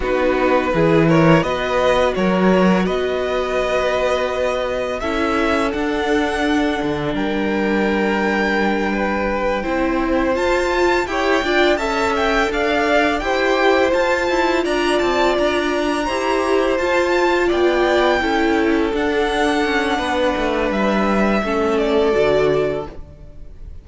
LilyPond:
<<
  \new Staff \with { instrumentName = "violin" } { \time 4/4 \tempo 4 = 84 b'4. cis''8 dis''4 cis''4 | dis''2. e''4 | fis''2 g''2~ | g''2~ g''8 a''4 g''8~ |
g''8 a''8 g''8 f''4 g''4 a''8~ | a''8 ais''8 a''8 ais''2 a''8~ | a''8 g''2 fis''4.~ | fis''4 e''4. d''4. | }
  \new Staff \with { instrumentName = "violin" } { \time 4/4 fis'4 gis'8 ais'8 b'4 ais'4 | b'2. a'4~ | a'2 ais'2~ | ais'8 b'4 c''2 cis''8 |
d''8 e''4 d''4 c''4.~ | c''8 d''2 c''4.~ | c''8 d''4 a'2~ a'8 | b'2 a'2 | }
  \new Staff \with { instrumentName = "viola" } { \time 4/4 dis'4 e'4 fis'2~ | fis'2. e'4 | d'1~ | d'4. e'4 f'4 g'8 |
f'8 a'2 g'4 f'8~ | f'2~ f'8 g'4 f'8~ | f'4. e'4 d'4.~ | d'2 cis'4 fis'4 | }
  \new Staff \with { instrumentName = "cello" } { \time 4/4 b4 e4 b4 fis4 | b2. cis'4 | d'4. d8 g2~ | g4. c'4 f'4 e'8 |
d'8 cis'4 d'4 e'4 f'8 | e'8 d'8 c'8 d'4 e'4 f'8~ | f'8 b4 cis'4 d'4 cis'8 | b8 a8 g4 a4 d4 | }
>>